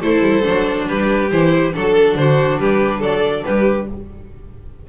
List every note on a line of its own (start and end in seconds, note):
0.00 0.21 A3
0.00 0.43 E4
0.00 0.86 A4
0.00 0.88 C5
0.21 0.42 G3
0.43 0.89 F#3
0.43 1.28 D4
0.88 1.32 G3
0.88 1.75 G4
0.88 1.31 B4
1.31 1.75 E3
1.31 1.73 E4
1.31 1.74 C5
1.73 2.16 F#3
1.73 3.87 D4
1.73 2.18 A4
1.73 2.16 A4
2.16 2.58 D3
2.16 2.61 F#4
2.16 2.59 C5
2.58 3.01 G3
2.58 3.00 G4
2.58 3.02 B4
3.00 3.44 F#3
3.00 3.43 A4
3.00 3.45 D5
3.45 3.90 G3
3.45 3.89 G4
3.45 3.88 B4